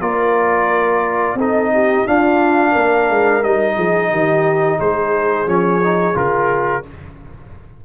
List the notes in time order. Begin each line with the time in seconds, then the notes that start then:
0.00 A#3 F4 A#4 D5
1.35 C4 D#4 A4 D#5
1.74 G4
2.07 D4 F4 F5
2.71 A#3 A#4
3.10 G#3
3.43 G3 D#4 D#5
3.76 F3 G#4
4.11 D#3 G4
4.80 G#3 G#4 C5
5.47 F3 C#4 C#5
5.84 D#4
6.14 C#3 F4 A#4